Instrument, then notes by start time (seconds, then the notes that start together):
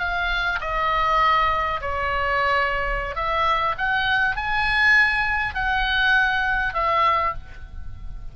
oboe
0.00 F5
0.61 D#5
1.81 C#5
3.16 E5
3.78 F#5
4.36 G#5
5.55 F#5
6.74 E5